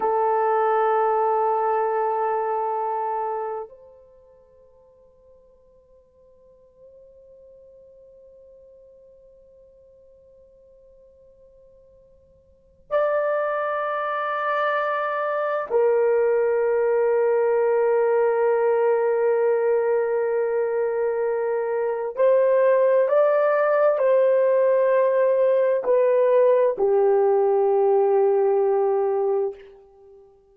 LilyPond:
\new Staff \with { instrumentName = "horn" } { \time 4/4 \tempo 4 = 65 a'1 | c''1~ | c''1~ | c''2 d''2~ |
d''4 ais'2.~ | ais'1 | c''4 d''4 c''2 | b'4 g'2. | }